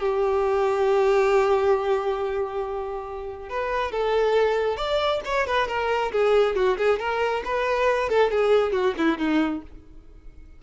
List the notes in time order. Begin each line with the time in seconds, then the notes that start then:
0.00 G4
3.49 B4
3.92 A4
4.77 D5
5.25 C#5
5.47 B4
5.68 A#4
6.12 G#4
6.56 F#4
6.78 G#4
6.99 A#4
7.45 B4
8.10 A4
8.31 G#4
8.73 F#4
8.98 E4
9.18 D#4